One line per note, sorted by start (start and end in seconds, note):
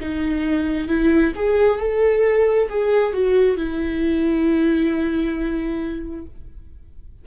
0.00 0.88 D#4
0.88 1.33 E4
1.36 1.79 G#4
1.79 2.69 A4
2.69 3.13 G#4
3.13 3.57 F#4
3.57 6.26 E4